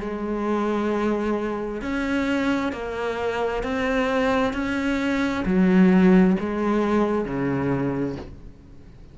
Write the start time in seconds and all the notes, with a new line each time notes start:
0.00 G#3
1.81 C#4
2.72 A#3
3.63 C4
4.53 C#4
5.45 F#3
6.39 G#3
7.25 C#3